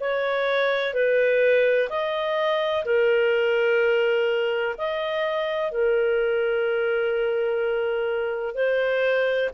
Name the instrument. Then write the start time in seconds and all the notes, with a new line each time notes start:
clarinet
0.00 C#5
0.94 B4
1.89 D#5
2.85 A#4
4.78 D#5
5.71 A#4
8.55 C5